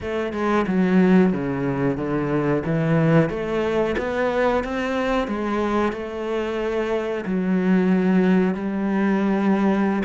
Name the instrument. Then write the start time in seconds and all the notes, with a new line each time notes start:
cello
0.01 A3
0.32 G#3
0.67 F#3
1.32 C#3
1.97 D3
2.65 E3
3.29 A3
3.97 B3
4.64 C4
5.27 G#3
5.92 A3
7.25 F#3
8.54 G3